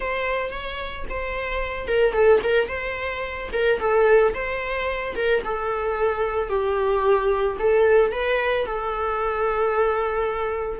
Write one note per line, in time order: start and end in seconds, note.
0.00 0.51 C5
0.51 1.05 C#5
1.09 1.87 C5
1.87 2.13 A#4
2.13 2.40 A4
2.43 2.68 A#4
2.68 3.49 C5
3.53 3.79 A#4
3.79 4.33 A4
4.34 5.15 C5
5.15 5.42 A#4
5.44 6.49 A4
6.49 7.57 G4
7.59 8.11 A4
8.11 8.65 B4
8.66 10.80 A4